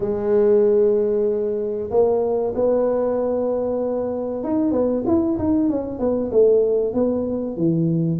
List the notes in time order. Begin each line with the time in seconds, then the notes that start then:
0.00 G#3
1.90 A#3
2.55 B3
4.43 D#4
4.71 B3
5.06 E4
5.38 D#4
5.69 C#4
5.99 B3
6.31 A3
6.93 B3
7.56 E3